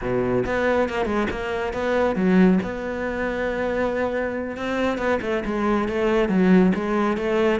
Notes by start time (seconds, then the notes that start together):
0.01 B2
0.45 B3
0.89 A#3
1.05 G#3
1.30 A#3
1.73 B3
2.15 F#3
2.62 B3
4.56 C4
4.98 B3
5.21 A3
5.45 G#3
5.88 A3
6.28 F#3
6.74 G#3
7.17 A3